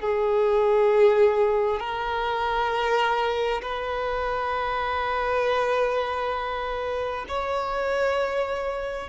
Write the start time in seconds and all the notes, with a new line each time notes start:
0.00 G#4
1.79 A#4
3.62 B4
7.28 C#5